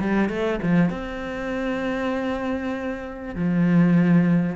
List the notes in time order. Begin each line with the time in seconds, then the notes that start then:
0.00 G3
0.29 A3
0.62 F3
0.90 C4
3.35 F3